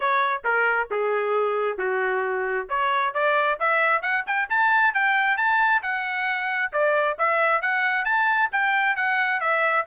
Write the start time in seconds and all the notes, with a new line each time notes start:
0.00 C#5
0.44 A#4
0.90 G#4
1.77 F#4
2.69 C#5
3.13 D5
3.59 E5
4.02 F#5
4.26 G5
4.49 A5
4.94 G5
5.37 A5
5.82 F#5
6.72 D5
7.18 E5
7.61 F#5
8.05 A5
8.52 G5
8.96 F#5
9.40 E5